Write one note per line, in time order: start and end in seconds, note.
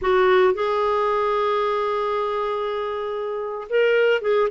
0.01 0.54 F#4
0.54 3.67 G#4
3.69 4.21 A#4
4.21 4.48 G#4